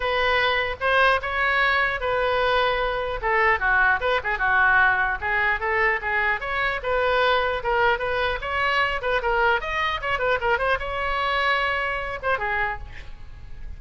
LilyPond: \new Staff \with { instrumentName = "oboe" } { \time 4/4 \tempo 4 = 150 b'2 c''4 cis''4~ | cis''4 b'2. | a'4 fis'4 b'8 gis'8 fis'4~ | fis'4 gis'4 a'4 gis'4 |
cis''4 b'2 ais'4 | b'4 cis''4. b'8 ais'4 | dis''4 cis''8 b'8 ais'8 c''8 cis''4~ | cis''2~ cis''8 c''8 gis'4 | }